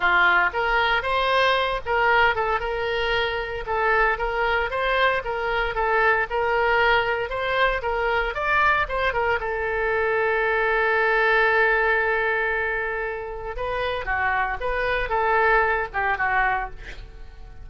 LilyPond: \new Staff \with { instrumentName = "oboe" } { \time 4/4 \tempo 4 = 115 f'4 ais'4 c''4. ais'8~ | ais'8 a'8 ais'2 a'4 | ais'4 c''4 ais'4 a'4 | ais'2 c''4 ais'4 |
d''4 c''8 ais'8 a'2~ | a'1~ | a'2 b'4 fis'4 | b'4 a'4. g'8 fis'4 | }